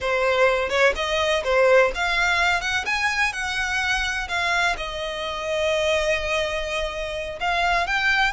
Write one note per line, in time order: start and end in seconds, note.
0.00 0.69 C5
0.69 0.93 C#5
0.95 1.43 D#5
1.44 1.91 C5
1.94 2.61 F5
2.61 2.84 F#5
2.85 3.32 G#5
3.32 4.28 F#5
4.28 4.76 F5
4.77 7.39 D#5
7.40 7.86 F5
7.86 8.32 G5